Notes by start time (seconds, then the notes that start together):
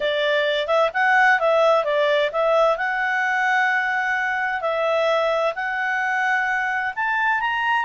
0.00 D5
0.67 E5
0.93 F#5
1.39 E5
1.84 D5
2.31 E5
2.77 F#5
4.61 E5
5.55 F#5
6.95 A5
7.40 A#5